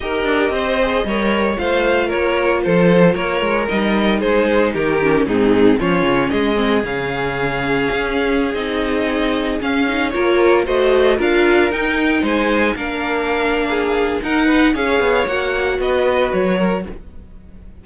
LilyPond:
<<
  \new Staff \with { instrumentName = "violin" } { \time 4/4 \tempo 4 = 114 dis''2. f''4 | cis''4 c''4 cis''4 dis''4 | c''4 ais'4 gis'4 cis''4 | dis''4 f''2.~ |
f''16 dis''2 f''4 cis''8.~ | cis''16 dis''4 f''4 g''4 gis''8.~ | gis''16 f''2~ f''8. fis''4 | f''4 fis''4 dis''4 cis''4 | }
  \new Staff \with { instrumentName = "violin" } { \time 4/4 ais'4 c''4 cis''4 c''4 | ais'4 a'4 ais'2 | gis'4 g'4 dis'4 f'4 | gis'1~ |
gis'2.~ gis'16 ais'8.~ | ais'16 c''4 ais'2 c''8.~ | c''16 ais'4.~ ais'16 gis'4 ais'8 b'8 | cis''2 b'4. ais'8 | }
  \new Staff \with { instrumentName = "viola" } { \time 4/4 g'4. gis'8 ais'4 f'4~ | f'2. dis'4~ | dis'4. cis'8 c'4 cis'4~ | cis'8 c'8 cis'2.~ |
cis'16 dis'2 cis'8 dis'8 f'8.~ | f'16 fis'4 f'4 dis'4.~ dis'16~ | dis'16 d'2~ d'8. dis'4 | gis'4 fis'2. | }
  \new Staff \with { instrumentName = "cello" } { \time 4/4 dis'8 d'8 c'4 g4 a4 | ais4 f4 ais8 gis8 g4 | gis4 dis4 gis,4 f8 cis8 | gis4 cis2 cis'4~ |
cis'16 c'2 cis'4 ais8.~ | ais16 a4 d'4 dis'4 gis8.~ | gis16 ais2~ ais8. dis'4 | cis'8 b8 ais4 b4 fis4 | }
>>